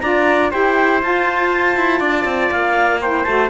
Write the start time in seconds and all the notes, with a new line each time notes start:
0.00 D4 F4 D5 A#5
0.51 E4 G4 C5 G5
1.01 F4 A5
1.76 E4
2.00 D4 D5
2.24 C4
2.51 A#3 F5
3.01 E4 C5 G5
3.24 A3 F#4 A5